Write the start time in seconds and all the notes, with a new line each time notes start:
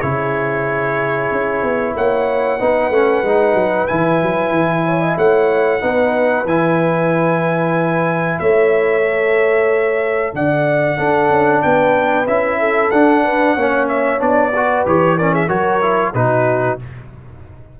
0.00 C#3 E4 G#4 C#5
1.31 C#4
1.62 B3
1.95 A#3 C#5 F#5
2.59 B3 D#4 B4
2.90 A3 C#4
3.23 G#3 D#4
3.53 F#3
3.87 E3 E4 G#5
4.22 F#3
4.51 E3
4.85 C#5
5.00 D#5
5.17 A3 C#5 F#5
5.80 B3 D#4 B4
6.44 E3 E4 G#5
8.39 A3 C#5 E5
9.03 A4
10.33 D3 D5 F#5
10.96 D4 A4
11.29 C#4
11.62 B3 B4 G5
12.27 C#4 E4 E5
12.59 A4
12.91 D4 F#5
13.24 B4
13.55 A#3 C#4 C#5
13.88 E5
14.18 B3 D4 D5
14.54 F#4 B4
14.86 E3 G4 C#5
15.17 C#4 A#4 D5
15.32 G#4 E5
15.47 F#3 F#4 A#4 C#5
15.81 E4
16.14 B2 D#4 F#4 B4